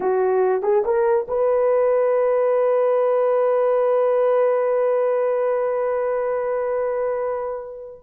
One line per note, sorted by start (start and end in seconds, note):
0.00 0.62 F#4
0.62 0.83 G#4
0.84 1.27 A#4
1.28 8.02 B4